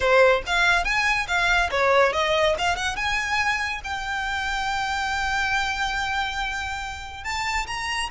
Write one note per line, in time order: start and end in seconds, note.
0.00 0.42 C5
0.46 0.84 F5
0.84 1.27 G#5
1.27 1.70 F5
1.70 2.13 C#5
2.13 2.55 D#5
2.58 2.75 F5
2.75 2.96 F#5
2.96 3.81 G#5
3.84 7.23 G5
7.23 7.66 A5
7.67 8.09 A#5